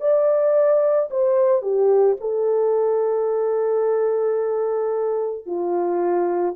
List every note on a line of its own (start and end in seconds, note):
0.00 1.09 D5
1.10 1.62 C5
1.62 2.16 G4
2.20 5.46 A4
5.46 6.55 F4